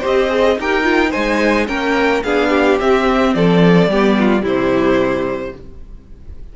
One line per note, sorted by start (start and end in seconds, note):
0.00 0.57 C4
0.00 0.29 G4
0.00 0.55 C5
0.00 0.60 D#5
0.29 0.56 G#4
0.57 1.12 D#4
0.57 0.82 G4
0.57 1.10 A#4
0.57 1.12 G5
0.82 1.10 F4
1.10 1.68 G#3
1.10 1.67 D#4
1.10 1.65 C5
1.10 1.67 G#5
1.67 2.23 A#3
1.67 2.22 C#4
1.67 2.23 A#4
1.67 2.22 G5
2.23 2.79 B3
2.23 2.80 D4
2.23 2.49 G#4
2.23 2.78 F5
2.49 3.31 G4
2.80 3.90 C4
2.80 3.35 C4
2.80 3.34 E5
3.34 3.87 F3
3.34 3.90 A4
3.34 4.44 D5
3.87 4.42 G3
3.87 4.42 B3
3.87 4.18 G4
4.19 4.43 F4
4.42 5.52 C3
4.42 5.52 G3
4.42 5.53 E4
4.42 5.56 C5